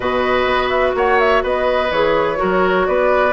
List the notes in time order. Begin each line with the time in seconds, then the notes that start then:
0.00 B2 F#4 B4 D#5
0.46 B3
0.69 E5
0.94 A#3 C#5 F#5
1.19 E5
1.43 B3 B4 D#5
1.90 E3 G#4 C#5
2.36 F#4 A#4
2.42 F#3
2.86 B3 B4 D5